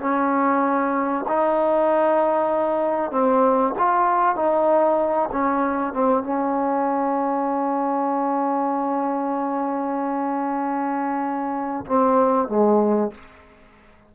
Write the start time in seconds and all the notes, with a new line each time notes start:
0.00 C#4
1.28 D#4
3.11 C4
3.78 F4
4.36 D#4
5.32 C#4
5.93 C4
6.23 C#4
11.86 C4
12.48 G#3